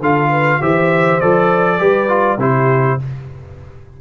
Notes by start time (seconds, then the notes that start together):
0.00 D3 F4 A4 F5
0.30 B4
0.61 E3 G4 C5 E5
1.20 F3 A4 D5
1.79 G3 G4 B4
2.09 F4
2.38 C3 E4 G4 C5